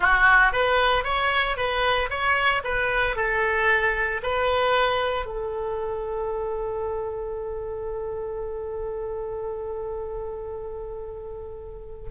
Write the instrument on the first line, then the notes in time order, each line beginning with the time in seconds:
oboe
0.00 F#4
0.52 B4
1.04 C#5
1.56 B4
2.10 C#5
2.64 B4
3.16 A4
4.22 B4
5.25 A4